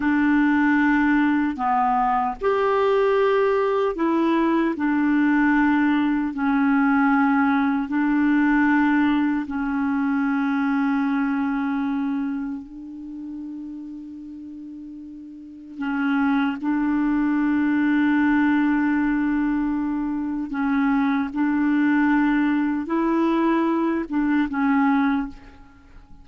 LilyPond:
\new Staff \with { instrumentName = "clarinet" } { \time 4/4 \tempo 4 = 76 d'2 b4 g'4~ | g'4 e'4 d'2 | cis'2 d'2 | cis'1 |
d'1 | cis'4 d'2.~ | d'2 cis'4 d'4~ | d'4 e'4. d'8 cis'4 | }